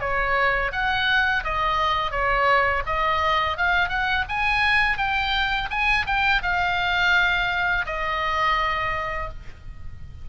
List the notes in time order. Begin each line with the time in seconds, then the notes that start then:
0.00 C#5
0.72 F#5
1.44 D#5
2.11 C#5
2.86 D#5
3.57 F5
3.89 F#5
4.29 G#5
4.98 G5
5.70 G#5
6.06 G5
6.43 F5
7.86 D#5